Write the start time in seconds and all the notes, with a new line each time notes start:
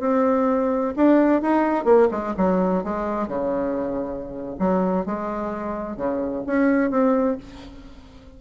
0.00 C4
0.96 D4
1.42 D#4
1.85 A#3
2.11 G#3
2.37 F#3
2.84 G#3
3.28 C#3
4.59 F#3
5.06 G#3
5.97 C#3
6.47 C#4
6.91 C4